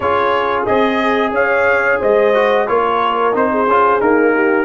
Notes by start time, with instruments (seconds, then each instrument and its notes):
0.00 tuba C#4, trombone F4, horn G#4, trumpet C#5
0.66 tuba C4, trombone G#4, trumpet D#5
1.30 tuba C#4, horn C#5, trumpet F5
1.99 tuba G#3, horn C5, trumpet D#5
2.34 trombone F#4
2.67 tuba A#3, trombone F4, horn A#4, trumpet C#5
3.32 tuba C4, trombone D#4, trumpet C5
3.51 horn G#4
3.66 tuba C#4, trombone F4
4.00 trombone A#3, tuba D#4, trumpet A#4
4.34 horn G4